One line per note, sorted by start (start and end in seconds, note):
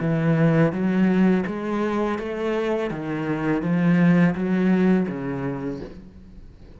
0.00 0.72 E3
0.72 1.44 F#3
1.46 2.18 G#3
2.18 2.90 A3
2.90 3.62 D#3
3.62 4.34 F3
4.34 5.07 F#3
5.08 5.80 C#3